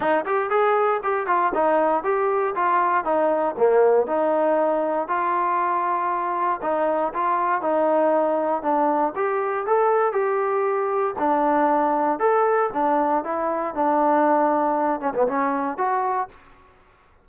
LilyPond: \new Staff \with { instrumentName = "trombone" } { \time 4/4 \tempo 4 = 118 dis'8 g'8 gis'4 g'8 f'8 dis'4 | g'4 f'4 dis'4 ais4 | dis'2 f'2~ | f'4 dis'4 f'4 dis'4~ |
dis'4 d'4 g'4 a'4 | g'2 d'2 | a'4 d'4 e'4 d'4~ | d'4. cis'16 b16 cis'4 fis'4 | }